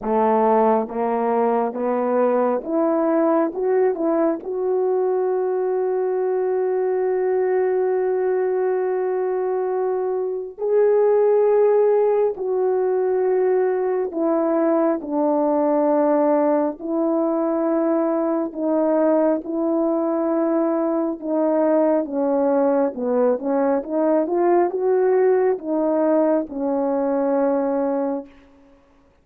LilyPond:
\new Staff \with { instrumentName = "horn" } { \time 4/4 \tempo 4 = 68 a4 ais4 b4 e'4 | fis'8 e'8 fis'2.~ | fis'1 | gis'2 fis'2 |
e'4 d'2 e'4~ | e'4 dis'4 e'2 | dis'4 cis'4 b8 cis'8 dis'8 f'8 | fis'4 dis'4 cis'2 | }